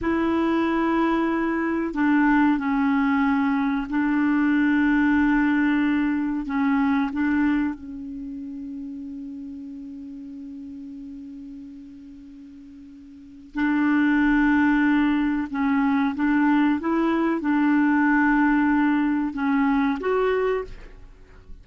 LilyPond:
\new Staff \with { instrumentName = "clarinet" } { \time 4/4 \tempo 4 = 93 e'2. d'4 | cis'2 d'2~ | d'2 cis'4 d'4 | cis'1~ |
cis'1~ | cis'4 d'2. | cis'4 d'4 e'4 d'4~ | d'2 cis'4 fis'4 | }